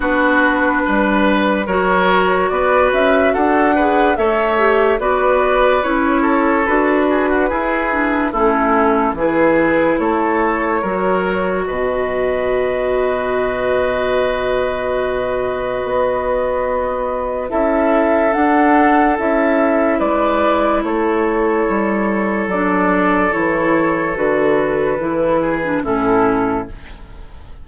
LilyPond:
<<
  \new Staff \with { instrumentName = "flute" } { \time 4/4 \tempo 4 = 72 b'2 cis''4 d''8 e''8 | fis''4 e''4 d''4 cis''4 | b'2 a'4 b'4 | cis''2 dis''2~ |
dis''1~ | dis''4 e''4 fis''4 e''4 | d''4 cis''2 d''4 | cis''4 b'2 a'4 | }
  \new Staff \with { instrumentName = "oboe" } { \time 4/4 fis'4 b'4 ais'4 b'4 | a'8 b'8 cis''4 b'4. a'8~ | a'8 gis'16 fis'16 gis'4 e'4 gis'4 | a'4 ais'4 b'2~ |
b'1~ | b'4 a'2. | b'4 a'2.~ | a'2~ a'8 gis'8 e'4 | }
  \new Staff \with { instrumentName = "clarinet" } { \time 4/4 d'2 fis'2~ | fis'8 gis'8 a'8 g'8 fis'4 e'4 | fis'4 e'8 d'8 cis'4 e'4~ | e'4 fis'2.~ |
fis'1~ | fis'4 e'4 d'4 e'4~ | e'2. d'4 | e'4 fis'4 e'8. d'16 cis'4 | }
  \new Staff \with { instrumentName = "bassoon" } { \time 4/4 b4 g4 fis4 b8 cis'8 | d'4 a4 b4 cis'4 | d'4 e'4 a4 e4 | a4 fis4 b,2~ |
b,2. b4~ | b4 cis'4 d'4 cis'4 | gis4 a4 g4 fis4 | e4 d4 e4 a,4 | }
>>